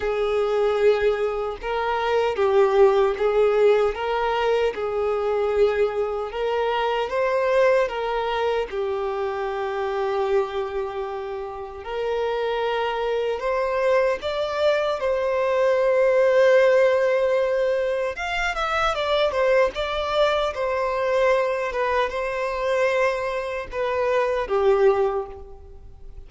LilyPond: \new Staff \with { instrumentName = "violin" } { \time 4/4 \tempo 4 = 76 gis'2 ais'4 g'4 | gis'4 ais'4 gis'2 | ais'4 c''4 ais'4 g'4~ | g'2. ais'4~ |
ais'4 c''4 d''4 c''4~ | c''2. f''8 e''8 | d''8 c''8 d''4 c''4. b'8 | c''2 b'4 g'4 | }